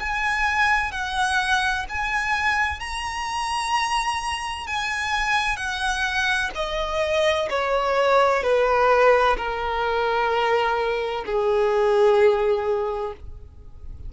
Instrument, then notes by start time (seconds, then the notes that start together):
violin
0.00 G#5
0.92 F#5
1.89 G#5
2.80 A#5
4.67 G#5
5.57 F#5
6.55 D#5
7.50 C#5
8.43 B4
9.37 A#4
11.26 G#4